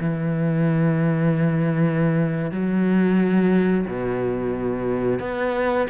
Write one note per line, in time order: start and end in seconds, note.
0.00 2.51 E3
2.51 3.86 F#3
3.86 5.19 B2
5.19 5.87 B3